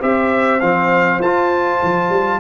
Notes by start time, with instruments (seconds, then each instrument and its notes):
0.00 tuba C4, trombone G4, horn C5, trumpet E5
0.61 tuba F3, trombone C4, trumpet F5
1.20 tuba F4, trombone F4, trumpet A5
1.83 tuba F3
2.10 tuba G3